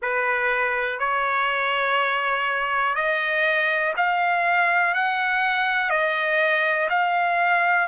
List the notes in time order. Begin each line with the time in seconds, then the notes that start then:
0.01 B4
0.99 C#5
2.95 D#5
3.97 F5
4.94 F#5
5.90 D#5
6.89 F5